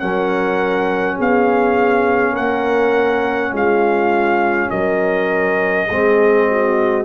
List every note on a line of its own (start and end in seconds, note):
0.00 1.20 F#3
0.00 5.89 C#4
0.00 1.17 A#4
0.00 1.18 F#5
1.17 2.37 B3
1.17 2.33 G#4
1.17 2.37 F5
2.33 3.52 A#3
2.33 3.50 A#4
2.33 3.54 F#5
3.52 4.70 G#3
3.52 4.71 F4
3.52 4.71 F5
4.71 5.90 F#3
4.71 5.89 A#4
4.71 7.06 D#5
5.89 7.06 G#3
5.89 7.06 C4
5.89 6.48 G#4
6.49 7.06 F#4